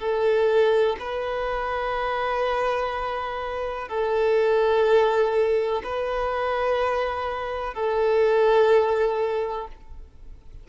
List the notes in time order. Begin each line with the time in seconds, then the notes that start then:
0.00 A4
1.00 B4
3.89 A4
5.84 B4
7.74 A4